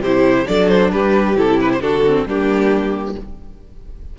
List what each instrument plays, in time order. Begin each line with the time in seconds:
0.00 cello C3, viola E4, violin G4 C5
0.46 cello F#3, viola D4, violin A4 D5
0.68 violin C5
0.92 cello G3, violin G4 B4
1.36 cello C3, viola E4, violin A4
1.61 violin B4
1.73 violin C5
1.81 cello D3, viola D4, violin F#4 A4
2.07 viola C4
2.25 cello G3, viola A#3, violin D4 G4